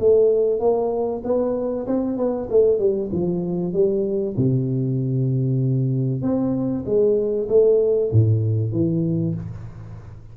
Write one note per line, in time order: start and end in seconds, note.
0.00 0.60 A3
0.60 1.22 A#3
1.24 1.87 B3
1.87 2.17 C4
2.17 2.49 B3
2.50 2.79 A3
2.79 3.10 G3
3.12 3.73 F3
3.73 4.36 G3
4.37 6.22 C3
6.22 6.85 C4
6.86 7.48 G#3
7.49 8.11 A3
8.12 8.72 A2
8.72 9.35 E3